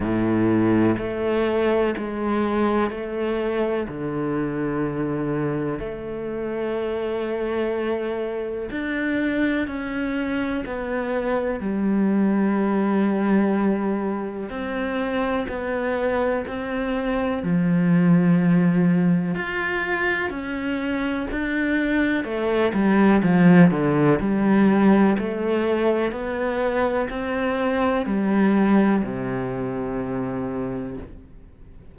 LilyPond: \new Staff \with { instrumentName = "cello" } { \time 4/4 \tempo 4 = 62 a,4 a4 gis4 a4 | d2 a2~ | a4 d'4 cis'4 b4 | g2. c'4 |
b4 c'4 f2 | f'4 cis'4 d'4 a8 g8 | f8 d8 g4 a4 b4 | c'4 g4 c2 | }